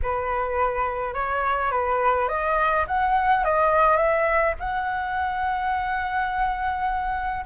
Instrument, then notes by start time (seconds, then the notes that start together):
flute
0.02 B4
1.14 C#5
1.71 B4
2.28 D#5
2.87 F#5
3.44 D#5
3.96 E5
4.59 F#5